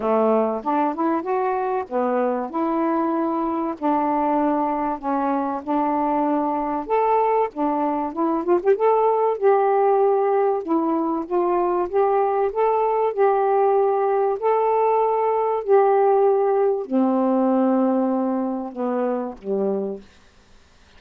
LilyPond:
\new Staff \with { instrumentName = "saxophone" } { \time 4/4 \tempo 4 = 96 a4 d'8 e'8 fis'4 b4 | e'2 d'2 | cis'4 d'2 a'4 | d'4 e'8 f'16 g'16 a'4 g'4~ |
g'4 e'4 f'4 g'4 | a'4 g'2 a'4~ | a'4 g'2 c'4~ | c'2 b4 g4 | }